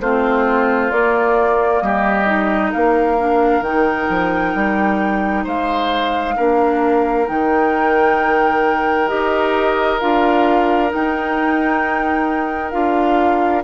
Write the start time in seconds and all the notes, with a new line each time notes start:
0.00 A3 C4 F4 C5
0.91 A#3 D5
1.80 G3 G4 D#5
2.26 D#4
2.71 A#3 A#4 F5
3.17 D4
3.61 D#3 D#4 G5
4.09 F3
4.54 G3
5.44 G#3 C5 F5
6.36 A#3 D4 A#4
7.26 D#3 D#4 G5
9.08 D#4 G4 D#5
10.00 D4 F4 F5
10.89 D#4 G5
12.71 D4 F4 F5